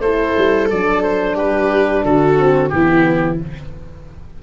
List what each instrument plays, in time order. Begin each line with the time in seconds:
0.00 tuba A3, horn E4, viola A4, oboe C5
0.38 tuba G3
0.70 tuba F#3, horn D4, oboe D5
1.03 oboe C5
1.35 tuba G3, viola G4, oboe B4
2.05 tuba D3, viola F#4, oboe A4
2.38 horn C4
2.70 tuba E3, horn B3, viola E4, oboe G4